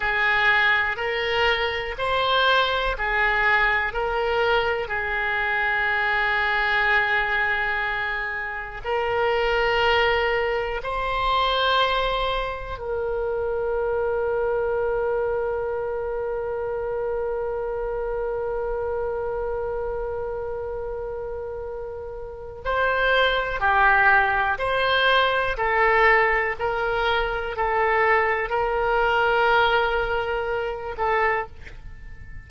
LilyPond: \new Staff \with { instrumentName = "oboe" } { \time 4/4 \tempo 4 = 61 gis'4 ais'4 c''4 gis'4 | ais'4 gis'2.~ | gis'4 ais'2 c''4~ | c''4 ais'2.~ |
ais'1~ | ais'2. c''4 | g'4 c''4 a'4 ais'4 | a'4 ais'2~ ais'8 a'8 | }